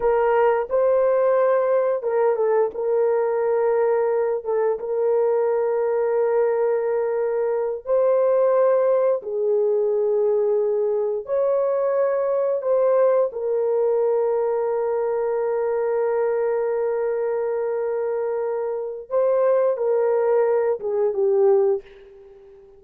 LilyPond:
\new Staff \with { instrumentName = "horn" } { \time 4/4 \tempo 4 = 88 ais'4 c''2 ais'8 a'8 | ais'2~ ais'8 a'8 ais'4~ | ais'2.~ ais'8 c''8~ | c''4. gis'2~ gis'8~ |
gis'8 cis''2 c''4 ais'8~ | ais'1~ | ais'1 | c''4 ais'4. gis'8 g'4 | }